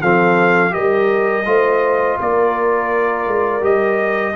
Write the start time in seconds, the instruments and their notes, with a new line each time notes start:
0.00 tuba F3, trombone C4, horn A4, trumpet F5
0.70 tuba G3, trombone G4, horn A#4, trumpet D#5
1.45 tuba A3, trombone F4, horn C5
2.19 tuba A#3, horn A#4, trumpet D5
3.27 tuba G#3
3.61 tuba G3, trombone G4, trumpet D#5